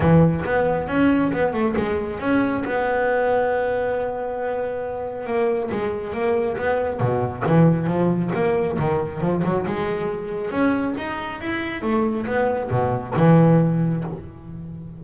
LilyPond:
\new Staff \with { instrumentName = "double bass" } { \time 4/4 \tempo 4 = 137 e4 b4 cis'4 b8 a8 | gis4 cis'4 b2~ | b1 | ais4 gis4 ais4 b4 |
b,4 e4 f4 ais4 | dis4 f8 fis8 gis2 | cis'4 dis'4 e'4 a4 | b4 b,4 e2 | }